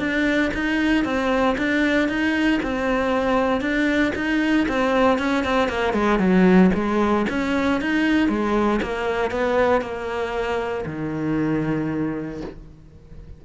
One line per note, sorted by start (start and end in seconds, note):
0.00 0.52 D4
0.54 1.05 D#4
1.05 1.57 C4
1.58 2.09 D4
2.09 2.61 D#4
2.63 3.61 C4
3.61 4.13 D4
4.16 4.67 D#4
4.69 5.19 C4
5.19 5.45 C#4
5.45 5.69 C4
5.69 5.94 A#3
5.94 6.20 G#3
6.20 6.71 F#3
6.75 7.26 G#3
7.30 7.81 C#4
7.81 8.29 D#4
8.29 8.81 G#3
8.82 9.31 A#3
9.31 9.82 B3
9.82 10.85 A#3
10.86 12.41 D#3